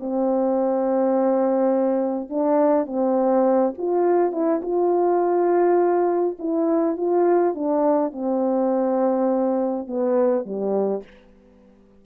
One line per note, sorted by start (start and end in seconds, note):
0.00 2.30 C4
2.30 2.86 D4
2.86 3.74 C4
3.78 4.32 F4
4.32 4.61 E4
4.63 6.37 F4
6.39 6.97 E4
6.97 7.55 F4
7.55 8.12 D4
8.12 9.87 C4
9.87 10.45 B3
10.45 11.04 G3